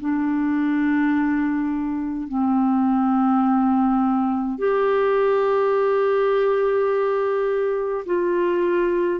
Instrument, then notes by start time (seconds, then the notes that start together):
clarinet
0.00 D4
2.28 C4
4.58 G4
8.06 F4